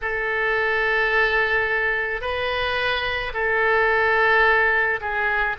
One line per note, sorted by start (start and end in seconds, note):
0.02 2.21 A4
2.21 3.32 B4
3.33 5.00 A4
5.01 5.56 G#4